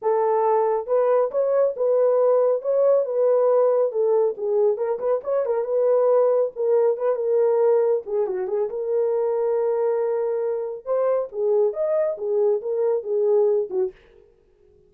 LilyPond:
\new Staff \with { instrumentName = "horn" } { \time 4/4 \tempo 4 = 138 a'2 b'4 cis''4 | b'2 cis''4 b'4~ | b'4 a'4 gis'4 ais'8 b'8 | cis''8 ais'8 b'2 ais'4 |
b'8 ais'2 gis'8 fis'8 gis'8 | ais'1~ | ais'4 c''4 gis'4 dis''4 | gis'4 ais'4 gis'4. fis'8 | }